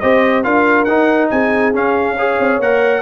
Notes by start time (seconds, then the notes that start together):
0.00 C4 G4 C5 D#5
0.43 D4 F4 A#4 F5
0.84 D#4 F#5
1.30 C4 G#4 G#5
1.74 C#4 F5
2.16 G#4 C#5
2.39 C4
2.59 A#3 A#4 F#5